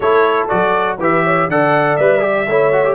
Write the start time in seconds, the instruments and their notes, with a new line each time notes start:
0.00 tuba A3, trombone E4, horn A4, trumpet C#5
0.48 tuba F#3, trombone F#4, trumpet D5
0.99 tuba E3, trombone G4, horn B4, trumpet E5
1.24 horn C#5
1.48 tuba D3, trombone A4, horn D5, trumpet F#5
1.96 tuba G3, trombone B4, trumpet E5
2.20 trombone G4
2.47 tuba A3, trombone E4, horn C#5
2.72 trombone F#4
2.84 trombone G4